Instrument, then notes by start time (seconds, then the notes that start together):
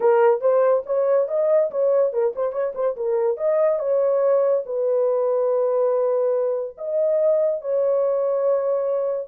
horn
0.00 A#4
0.40 C5
0.85 C#5
1.28 D#5
1.70 C#5
2.12 A#4
2.35 C5
2.52 C#5
2.75 C5
2.96 A#4
3.37 D#5
3.79 C#5
4.65 B4
6.77 D#5
7.61 C#5